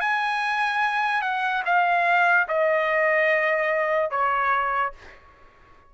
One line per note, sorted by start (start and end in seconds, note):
0.00 1.22 G#5
1.22 1.63 F#5
1.65 2.47 F5
2.48 4.11 D#5
4.11 4.93 C#5